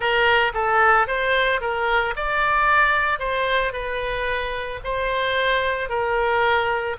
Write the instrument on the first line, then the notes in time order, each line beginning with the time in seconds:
oboe
0.00 A#4
0.54 A4
1.07 C5
1.60 A#4
2.16 D5
3.19 C5
3.72 B4
4.84 C5
5.89 A#4